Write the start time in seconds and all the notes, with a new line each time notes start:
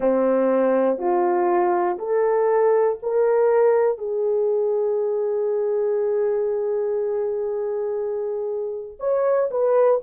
0.00 C4
0.98 F4
1.98 A4
3.02 A#4
3.98 G#4
8.99 C#5
9.50 B4